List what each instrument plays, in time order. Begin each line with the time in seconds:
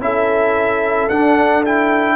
0.00 tuba C#4, trombone E4, horn A4, trumpet E5
1.09 tuba D4, trombone D4, trumpet F#5
1.65 trombone E4, trumpet G5